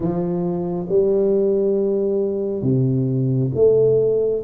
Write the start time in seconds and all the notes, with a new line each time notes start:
0.00 F3
0.88 G3
2.62 C3
3.54 A3